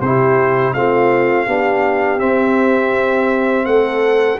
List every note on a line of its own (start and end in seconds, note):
0.00 0.73 C3
0.00 0.75 E4
0.00 0.73 G4
0.00 0.73 C5
0.73 1.47 A3
0.73 1.46 C4
0.73 1.47 F4
0.73 2.19 F5
1.46 2.20 B3
1.46 2.18 D4
1.46 3.66 G4
2.18 4.38 C4
2.18 3.66 C4
2.18 3.65 E5
3.65 4.39 A3
3.65 4.39 A4
3.65 4.38 F#5